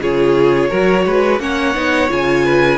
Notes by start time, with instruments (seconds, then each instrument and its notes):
0.00 cello C#3, viola F4, violin G#4 C#5
0.70 cello F#3, viola F#4, violin A#4
1.06 cello G#3, violin B4
1.39 cello A#3, viola C#4, violin C#5 F#5
1.74 cello B3, viola D#4
2.09 cello C#3, viola F4, violin G#5
2.45 violin B4